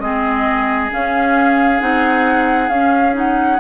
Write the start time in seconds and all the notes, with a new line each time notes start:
0.00 G#3 C4 G#4 D#5
0.90 C#4 F5
1.80 C4 D#4 F#5
2.69 C#4 F5
3.13 D#4 F#5